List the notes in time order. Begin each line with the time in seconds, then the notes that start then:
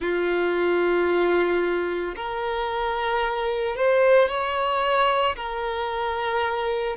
0.00 F4
2.15 A#4
3.75 C5
4.28 C#5
5.36 A#4